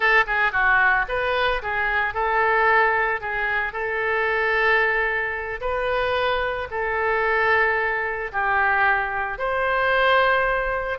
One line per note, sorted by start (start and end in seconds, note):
0.00 0.24 A4
0.27 0.52 G#4
0.52 1.05 F#4
1.08 1.61 B4
1.62 2.14 G#4
2.14 3.20 A4
3.20 3.72 G#4
3.72 5.60 A4
5.61 6.68 B4
6.70 8.31 A4
8.32 9.38 G4
9.38 10.98 C5